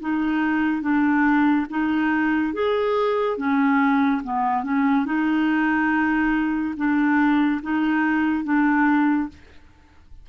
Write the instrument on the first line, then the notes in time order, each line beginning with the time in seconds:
clarinet
0.00 D#4
0.82 D4
1.70 D#4
2.54 G#4
3.37 C#4
4.23 B3
4.63 C#4
5.06 D#4
6.76 D4
7.62 D#4
8.44 D4